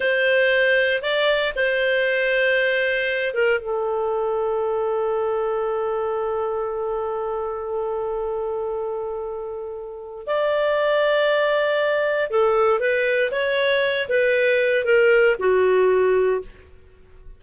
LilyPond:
\new Staff \with { instrumentName = "clarinet" } { \time 4/4 \tempo 4 = 117 c''2 d''4 c''4~ | c''2~ c''8 ais'8 a'4~ | a'1~ | a'1~ |
a'1 | d''1 | a'4 b'4 cis''4. b'8~ | b'4 ais'4 fis'2 | }